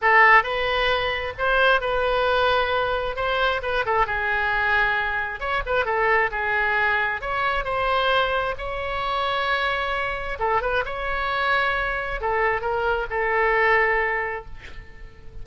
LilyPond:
\new Staff \with { instrumentName = "oboe" } { \time 4/4 \tempo 4 = 133 a'4 b'2 c''4 | b'2. c''4 | b'8 a'8 gis'2. | cis''8 b'8 a'4 gis'2 |
cis''4 c''2 cis''4~ | cis''2. a'8 b'8 | cis''2. a'4 | ais'4 a'2. | }